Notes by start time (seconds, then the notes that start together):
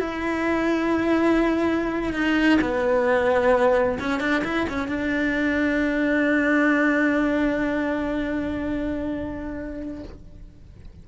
0.00 E4
2.14 D#4
2.62 B3
4.00 C#4
4.21 D4
4.44 E4
4.70 C#4
4.88 D4